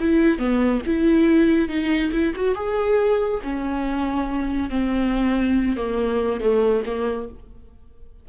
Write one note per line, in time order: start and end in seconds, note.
0.00 0.39 E4
0.39 0.81 B3
0.86 1.69 E4
1.69 2.11 D#4
2.12 2.34 E4
2.36 2.55 F#4
2.55 3.41 G#4
3.43 4.70 C#4
4.70 5.77 C4
5.77 6.41 A#3
6.41 6.84 A3
6.86 7.29 A#3